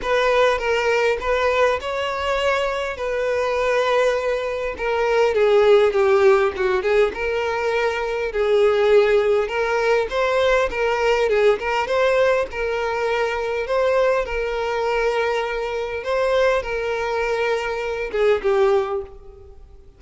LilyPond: \new Staff \with { instrumentName = "violin" } { \time 4/4 \tempo 4 = 101 b'4 ais'4 b'4 cis''4~ | cis''4 b'2. | ais'4 gis'4 g'4 fis'8 gis'8 | ais'2 gis'2 |
ais'4 c''4 ais'4 gis'8 ais'8 | c''4 ais'2 c''4 | ais'2. c''4 | ais'2~ ais'8 gis'8 g'4 | }